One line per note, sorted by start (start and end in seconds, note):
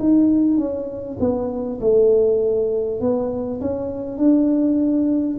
0.00 0.58 D#4
0.58 1.18 C#4
1.20 1.80 B3
1.82 3.01 A3
3.01 3.61 B3
3.61 4.18 C#4
4.18 5.38 D4